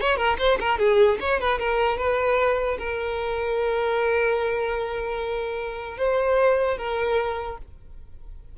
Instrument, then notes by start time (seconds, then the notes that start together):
violin
0.00 C#5
0.16 A#4
0.38 C5
0.60 A#4
0.78 G#4
1.20 C#5
1.39 B4
1.59 A#4
1.97 B4
2.78 A#4
5.97 C5
6.77 A#4